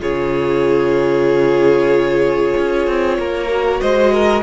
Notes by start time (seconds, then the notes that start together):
0.00 C#3 F4 G#4 C#5
2.57 C#4
2.87 C4
3.18 A#3 A#4
3.49 F#4
3.81 G#3 C5 D#5
4.12 A#4